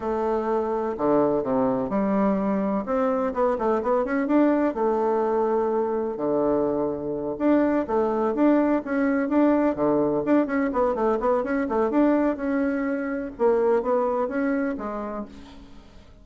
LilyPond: \new Staff \with { instrumentName = "bassoon" } { \time 4/4 \tempo 4 = 126 a2 d4 c4 | g2 c'4 b8 a8 | b8 cis'8 d'4 a2~ | a4 d2~ d8 d'8~ |
d'8 a4 d'4 cis'4 d'8~ | d'8 d4 d'8 cis'8 b8 a8 b8 | cis'8 a8 d'4 cis'2 | ais4 b4 cis'4 gis4 | }